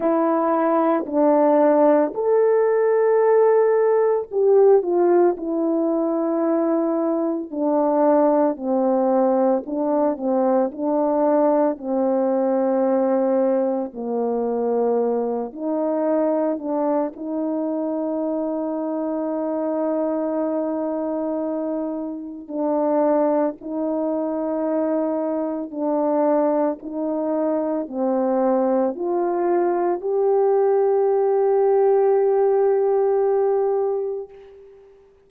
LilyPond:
\new Staff \with { instrumentName = "horn" } { \time 4/4 \tempo 4 = 56 e'4 d'4 a'2 | g'8 f'8 e'2 d'4 | c'4 d'8 c'8 d'4 c'4~ | c'4 ais4. dis'4 d'8 |
dis'1~ | dis'4 d'4 dis'2 | d'4 dis'4 c'4 f'4 | g'1 | }